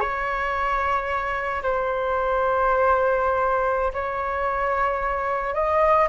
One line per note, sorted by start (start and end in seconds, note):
0.00 1.62 C#5
1.62 3.92 C5
3.93 5.54 C#5
5.54 6.08 D#5